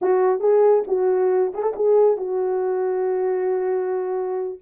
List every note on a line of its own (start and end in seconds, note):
0.01 0.39 F#4
0.39 0.83 G#4
0.87 1.52 F#4
1.54 1.62 G#4
1.62 1.73 A4
1.75 2.17 G#4
2.17 4.58 F#4